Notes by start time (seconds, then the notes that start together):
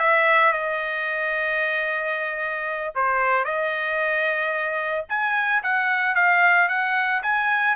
0.00 E5
0.53 D#5
2.95 C5
3.45 D#5
5.09 G#5
5.63 F#5
6.16 F5
6.69 F#5
7.23 G#5